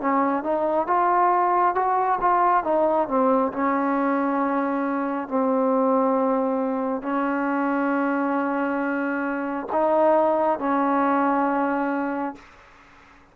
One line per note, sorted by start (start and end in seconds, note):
0.00 0.43 C#4
0.43 0.87 D#4
0.87 1.74 F4
1.74 2.19 F#4
2.21 2.64 F4
2.64 3.08 D#4
3.08 3.52 C4
3.52 5.28 C#4
5.28 7.02 C4
7.02 9.67 C#4
9.72 10.58 D#4
10.58 12.35 C#4